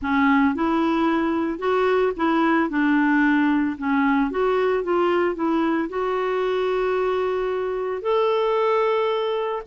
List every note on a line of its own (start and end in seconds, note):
0.02 0.54 C#4
0.54 1.58 E4
1.58 2.12 F#4
2.16 2.69 E4
2.69 3.76 D4
3.78 4.30 C#4
4.30 4.83 F#4
4.83 5.35 F4
5.35 5.89 E4
5.89 8.01 F#4
8.01 9.62 A4